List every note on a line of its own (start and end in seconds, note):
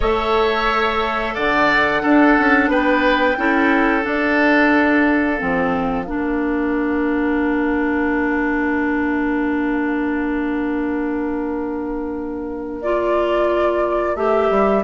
0.00 1.36 A3
0.00 2.00 A4
0.00 1.34 C#5
0.00 1.35 E5
1.34 2.03 D3
1.34 2.02 D5
1.34 2.70 F#5
2.00 3.35 D4
2.00 2.38 D4
2.00 2.70 A4
2.38 2.68 C#4
2.68 3.36 B3
2.68 3.37 B4
2.68 4.04 G5
3.37 4.05 C#4
3.37 4.02 E4
3.37 6.06 A4
4.02 5.36 D4
4.02 5.41 D4
4.02 12.81 F5
5.38 6.08 F3
5.38 6.05 C4
6.06 14.15 A#3
6.06 12.80 D4
6.06 14.82 A#4
12.81 14.15 F4
12.81 14.16 D5
14.15 14.49 A3
14.15 14.83 G4
14.15 14.83 E5
14.50 14.83 G3